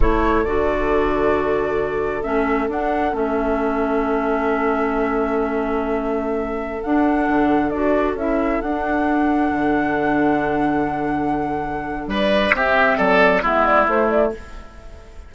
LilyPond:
<<
  \new Staff \with { instrumentName = "flute" } { \time 4/4 \tempo 4 = 134 cis''4 d''2.~ | d''4 e''4 fis''4 e''4~ | e''1~ | e''2.~ e''16 fis''8.~ |
fis''4~ fis''16 d''4 e''4 fis''8.~ | fis''1~ | fis''2. d''4 | e''4 d''4 e''8 d''8 c''8 d''8 | }
  \new Staff \with { instrumentName = "oboe" } { \time 4/4 a'1~ | a'1~ | a'1~ | a'1~ |
a'1~ | a'1~ | a'2. b'4 | g'4 a'4 e'2 | }
  \new Staff \with { instrumentName = "clarinet" } { \time 4/4 e'4 fis'2.~ | fis'4 cis'4 d'4 cis'4~ | cis'1~ | cis'2.~ cis'16 d'8.~ |
d'4~ d'16 fis'4 e'4 d'8.~ | d'1~ | d'1 | c'2 b4 a4 | }
  \new Staff \with { instrumentName = "bassoon" } { \time 4/4 a4 d2.~ | d4 a4 d'4 a4~ | a1~ | a2.~ a16 d'8.~ |
d'16 d4 d'4 cis'4 d'8.~ | d'4~ d'16 d2~ d8.~ | d2. g4 | c'4 fis4 gis4 a4 | }
>>